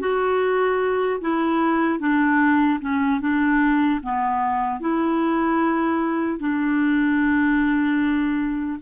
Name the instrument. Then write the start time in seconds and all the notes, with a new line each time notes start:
clarinet
0.00 F#4
1.21 E4
1.99 D4
2.81 C#4
3.21 D4
4.03 B3
4.80 E4
6.39 D4